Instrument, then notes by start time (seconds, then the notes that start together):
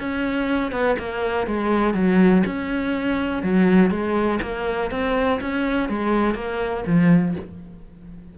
cello
0.00 C#4
0.72 B3
0.99 A#3
1.47 G#3
1.94 F#3
2.46 C#4
3.43 F#3
3.91 G#3
4.42 A#3
4.91 C4
5.41 C#4
5.89 G#3
6.35 A#3
6.87 F3